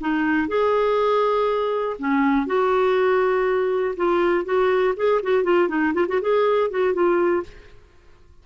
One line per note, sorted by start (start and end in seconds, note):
0.00 0.48 D#4
0.48 1.97 G#4
1.99 2.46 C#4
2.46 3.95 F#4
3.96 4.45 F4
4.45 4.94 F#4
4.96 5.21 G#4
5.22 5.43 F#4
5.43 5.68 F4
5.68 5.93 D#4
5.94 6.06 F4
6.08 6.20 F#4
6.21 6.70 G#4
6.70 6.93 F#4
6.93 7.43 F4